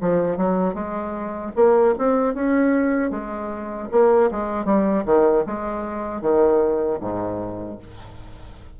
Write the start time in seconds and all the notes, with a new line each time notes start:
0.00 F3
0.37 F#3
0.74 G#3
1.55 A#3
1.98 C4
2.34 C#4
3.10 G#3
3.91 A#3
4.30 G#3
4.65 G3
5.05 D#3
5.46 G#3
6.21 D#3
7.00 G#2